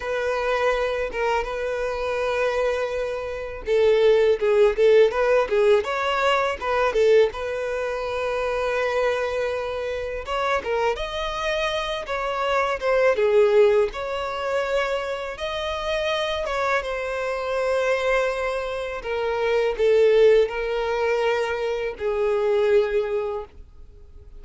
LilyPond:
\new Staff \with { instrumentName = "violin" } { \time 4/4 \tempo 4 = 82 b'4. ais'8 b'2~ | b'4 a'4 gis'8 a'8 b'8 gis'8 | cis''4 b'8 a'8 b'2~ | b'2 cis''8 ais'8 dis''4~ |
dis''8 cis''4 c''8 gis'4 cis''4~ | cis''4 dis''4. cis''8 c''4~ | c''2 ais'4 a'4 | ais'2 gis'2 | }